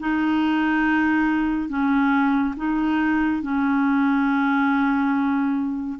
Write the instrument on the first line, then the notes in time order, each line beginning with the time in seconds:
clarinet
0.00 D#4
1.69 C#4
2.57 D#4
3.42 C#4